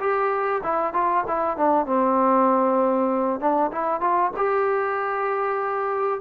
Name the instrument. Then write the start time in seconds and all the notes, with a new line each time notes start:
trombone
0.00 G4
0.64 E4
0.94 F4
1.28 E4
1.57 D4
1.86 C4
3.40 D4
3.72 E4
4.01 F4
4.37 G4